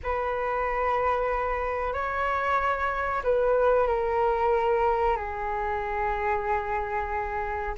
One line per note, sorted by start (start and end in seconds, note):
0.03 1.93 B4
1.93 3.22 C#5
3.23 3.87 B4
3.87 5.16 A#4
5.16 7.74 G#4